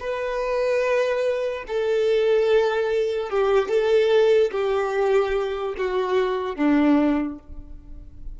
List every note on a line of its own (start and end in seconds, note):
0.00 1.64 B4
1.68 3.30 A4
3.30 3.69 G4
3.69 4.51 A4
4.52 5.75 G4
5.78 6.56 F#4
6.56 7.38 D4